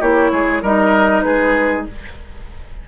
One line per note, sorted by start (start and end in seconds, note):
0.00 0.32 A#3
0.00 0.62 E4
0.00 0.31 G4
0.00 0.63 C#5
0.32 0.62 G#3
0.32 0.62 G#4
0.62 1.24 G3
0.62 1.88 D#4
0.62 1.24 A#4
0.62 1.22 D#5
1.22 1.87 G#3
1.22 1.87 G#4
1.22 1.83 B4